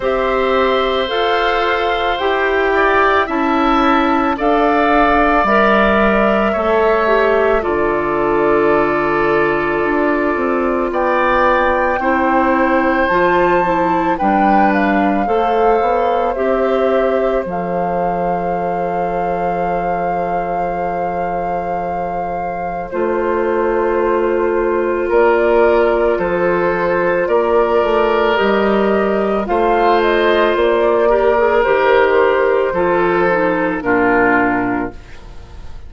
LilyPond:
<<
  \new Staff \with { instrumentName = "flute" } { \time 4/4 \tempo 4 = 55 e''4 f''4 g''4 a''4 | f''4 e''2 d''4~ | d''2 g''2 | a''4 g''8 f''4. e''4 |
f''1~ | f''4 c''2 d''4 | c''4 d''4 dis''4 f''8 dis''8 | d''4 c''2 ais'4 | }
  \new Staff \with { instrumentName = "oboe" } { \time 4/4 c''2~ c''8 d''8 e''4 | d''2 cis''4 a'4~ | a'2 d''4 c''4~ | c''4 b'4 c''2~ |
c''1~ | c''2. ais'4 | a'4 ais'2 c''4~ | c''8 ais'4. a'4 f'4 | }
  \new Staff \with { instrumentName = "clarinet" } { \time 4/4 g'4 a'4 g'4 e'4 | a'4 ais'4 a'8 g'8 f'4~ | f'2. e'4 | f'8 e'8 d'4 a'4 g'4 |
a'1~ | a'4 f'2.~ | f'2 g'4 f'4~ | f'8 g'16 gis'16 g'4 f'8 dis'8 d'4 | }
  \new Staff \with { instrumentName = "bassoon" } { \time 4/4 c'4 f'4 e'4 cis'4 | d'4 g4 a4 d4~ | d4 d'8 c'8 b4 c'4 | f4 g4 a8 b8 c'4 |
f1~ | f4 a2 ais4 | f4 ais8 a8 g4 a4 | ais4 dis4 f4 ais,4 | }
>>